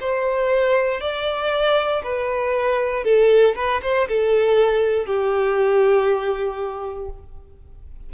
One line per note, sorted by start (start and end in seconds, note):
0.00 1.00 C5
1.00 2.02 D5
2.03 3.04 B4
3.04 3.55 A4
3.55 3.81 B4
3.82 4.07 C5
4.08 5.06 A4
5.06 7.09 G4